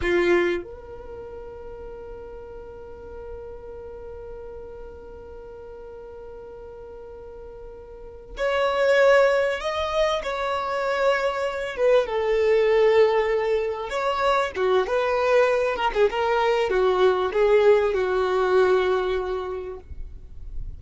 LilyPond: \new Staff \with { instrumentName = "violin" } { \time 4/4 \tempo 4 = 97 f'4 ais'2.~ | ais'1~ | ais'1~ | ais'4. cis''2 dis''8~ |
dis''8 cis''2~ cis''8 b'8 a'8~ | a'2~ a'8 cis''4 fis'8 | b'4. ais'16 gis'16 ais'4 fis'4 | gis'4 fis'2. | }